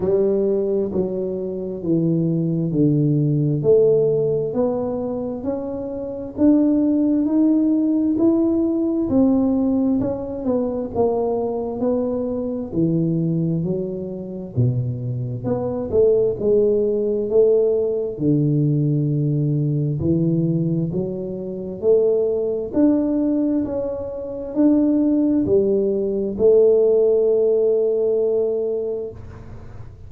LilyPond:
\new Staff \with { instrumentName = "tuba" } { \time 4/4 \tempo 4 = 66 g4 fis4 e4 d4 | a4 b4 cis'4 d'4 | dis'4 e'4 c'4 cis'8 b8 | ais4 b4 e4 fis4 |
b,4 b8 a8 gis4 a4 | d2 e4 fis4 | a4 d'4 cis'4 d'4 | g4 a2. | }